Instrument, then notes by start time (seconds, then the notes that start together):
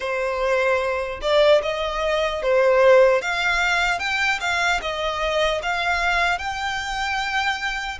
violin
0.00 C5
1.21 D5
1.62 D#5
2.42 C5
3.21 F5
3.99 G5
4.40 F5
4.81 D#5
5.62 F5
6.38 G5